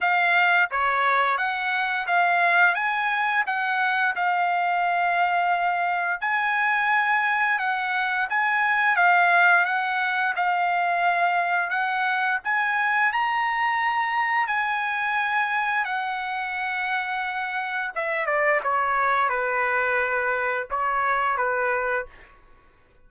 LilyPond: \new Staff \with { instrumentName = "trumpet" } { \time 4/4 \tempo 4 = 87 f''4 cis''4 fis''4 f''4 | gis''4 fis''4 f''2~ | f''4 gis''2 fis''4 | gis''4 f''4 fis''4 f''4~ |
f''4 fis''4 gis''4 ais''4~ | ais''4 gis''2 fis''4~ | fis''2 e''8 d''8 cis''4 | b'2 cis''4 b'4 | }